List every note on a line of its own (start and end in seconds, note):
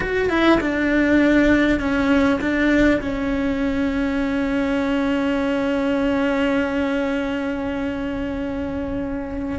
0.00 0.29 F#4
0.29 0.59 E4
0.60 1.79 D4
1.79 2.39 C#4
2.40 3.00 D4
3.01 9.58 C#4